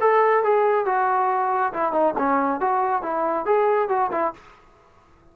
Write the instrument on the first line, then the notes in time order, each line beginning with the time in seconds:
trombone
0.00 A4
0.43 G#4
0.86 F#4
1.73 E4
1.92 D#4
2.18 C#4
2.60 F#4
3.02 E4
3.45 G#4
3.89 F#4
4.11 E4